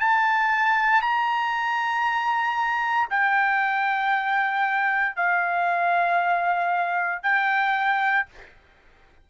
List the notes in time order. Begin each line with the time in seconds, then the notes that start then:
0.00 A5
1.02 A#5
3.10 G5
5.16 F5
7.23 G5